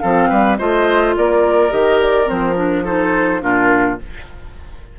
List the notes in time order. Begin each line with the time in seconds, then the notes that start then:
0.00 F3 C4 A4 F5
0.29 G3 B4
0.58 A3 F4 C5 D#5
1.17 A#3 A#4 D5
1.70 D#3 G4 D#5
2.02 D5
2.26 F3 C4 C5
2.54 D4 A#4
2.85 D#4 A4 C5
3.41 A#2 D4 F4 A#4